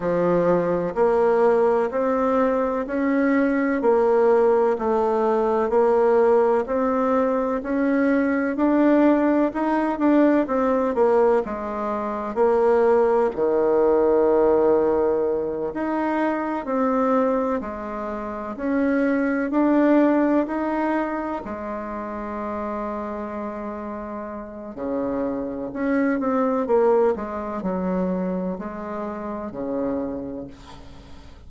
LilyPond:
\new Staff \with { instrumentName = "bassoon" } { \time 4/4 \tempo 4 = 63 f4 ais4 c'4 cis'4 | ais4 a4 ais4 c'4 | cis'4 d'4 dis'8 d'8 c'8 ais8 | gis4 ais4 dis2~ |
dis8 dis'4 c'4 gis4 cis'8~ | cis'8 d'4 dis'4 gis4.~ | gis2 cis4 cis'8 c'8 | ais8 gis8 fis4 gis4 cis4 | }